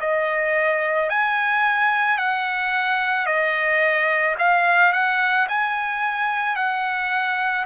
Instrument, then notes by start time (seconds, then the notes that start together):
trumpet
0.00 D#5
1.09 G#5
2.17 F#5
3.26 D#5
4.38 F5
4.92 F#5
5.48 G#5
6.56 F#5